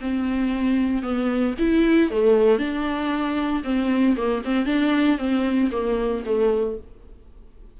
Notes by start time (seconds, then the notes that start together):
0.00 C4
1.02 B3
1.58 E4
2.10 A3
2.58 D4
3.63 C4
4.16 A#3
4.44 C4
4.66 D4
5.18 C4
5.71 A#3
6.25 A3